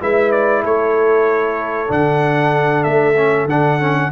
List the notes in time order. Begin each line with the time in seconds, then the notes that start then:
0.00 G#3 E4 B4 E5
0.31 D5
0.62 A3 A4 C#5
1.87 D3 D4 F#5
2.83 A3 E5
3.16 C#4
3.45 D3 D4 F#5
3.80 C#4